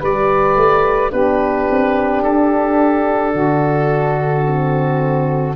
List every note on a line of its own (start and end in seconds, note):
0.00 0.56 G3
0.00 1.12 G4
0.00 1.11 B4
0.00 1.12 D5
0.56 1.12 A3
1.11 1.69 B3
1.11 4.45 D4
1.11 3.33 G4
1.11 2.23 B4
1.71 2.24 C4
2.23 3.34 D4
2.23 5.56 A4
3.33 5.56 D3
3.33 5.55 F#4
4.46 5.56 C4